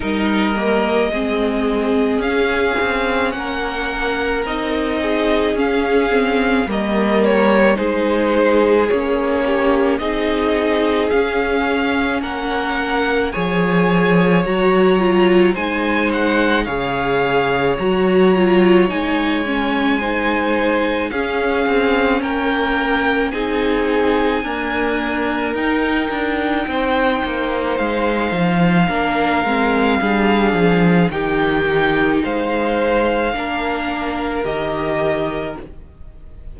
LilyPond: <<
  \new Staff \with { instrumentName = "violin" } { \time 4/4 \tempo 4 = 54 dis''2 f''4 fis''4 | dis''4 f''4 dis''8 cis''8 c''4 | cis''4 dis''4 f''4 fis''4 | gis''4 ais''4 gis''8 fis''8 f''4 |
ais''4 gis''2 f''4 | g''4 gis''2 g''4~ | g''4 f''2. | g''4 f''2 dis''4 | }
  \new Staff \with { instrumentName = "violin" } { \time 4/4 ais'4 gis'2 ais'4~ | ais'8 gis'4. ais'4 gis'4~ | gis'8 g'8 gis'2 ais'4 | cis''2 c''4 cis''4~ |
cis''2 c''4 gis'4 | ais'4 gis'4 ais'2 | c''2 ais'4 gis'4 | g'4 c''4 ais'2 | }
  \new Staff \with { instrumentName = "viola" } { \time 4/4 dis'8 ais8 c'4 cis'2 | dis'4 cis'8 c'8 ais4 dis'4 | cis'4 dis'4 cis'2 | gis'4 fis'8 f'8 dis'4 gis'4 |
fis'8 f'8 dis'8 cis'8 dis'4 cis'4~ | cis'4 dis'4 ais4 dis'4~ | dis'2 d'8 c'8 d'4 | dis'2 d'4 g'4 | }
  \new Staff \with { instrumentName = "cello" } { \time 4/4 g4 gis4 cis'8 c'8 ais4 | c'4 cis'4 g4 gis4 | ais4 c'4 cis'4 ais4 | f4 fis4 gis4 cis4 |
fis4 gis2 cis'8 c'8 | ais4 c'4 d'4 dis'8 d'8 | c'8 ais8 gis8 f8 ais8 gis8 g8 f8 | dis4 gis4 ais4 dis4 | }
>>